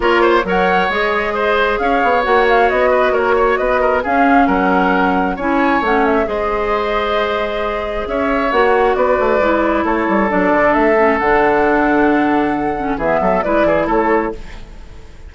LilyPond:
<<
  \new Staff \with { instrumentName = "flute" } { \time 4/4 \tempo 4 = 134 cis''4 fis''4 dis''2 | f''4 fis''8 f''8 dis''4 cis''4 | dis''4 f''4 fis''2 | gis''4 fis''8 e''8 dis''2~ |
dis''2 e''4 fis''4 | d''2 cis''4 d''4 | e''4 fis''2.~ | fis''4 e''4 d''4 cis''4 | }
  \new Staff \with { instrumentName = "oboe" } { \time 4/4 ais'8 c''8 cis''2 c''4 | cis''2~ cis''8 b'8 ais'8 cis''8 | b'8 ais'8 gis'4 ais'2 | cis''2 c''2~ |
c''2 cis''2 | b'2 a'2~ | a'1~ | a'4 gis'8 a'8 b'8 gis'8 a'4 | }
  \new Staff \with { instrumentName = "clarinet" } { \time 4/4 f'4 ais'4 gis'2~ | gis'4 fis'2.~ | fis'4 cis'2. | e'4 cis'4 gis'2~ |
gis'2. fis'4~ | fis'4 e'2 d'4~ | d'8 cis'8 d'2.~ | d'8 cis'8 b4 e'2 | }
  \new Staff \with { instrumentName = "bassoon" } { \time 4/4 ais4 fis4 gis2 | cis'8 b8 ais4 b4 ais4 | b4 cis'4 fis2 | cis'4 a4 gis2~ |
gis2 cis'4 ais4 | b8 a8 gis4 a8 g8 fis8 d8 | a4 d2.~ | d4 e8 fis8 gis8 e8 a4 | }
>>